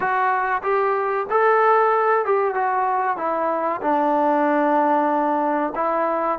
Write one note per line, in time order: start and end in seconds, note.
0.00 0.62 F#4
0.62 1.26 G4
1.29 2.25 A4
2.25 2.54 G4
2.54 3.17 F#4
3.17 3.81 E4
3.81 5.73 D4
5.75 6.38 E4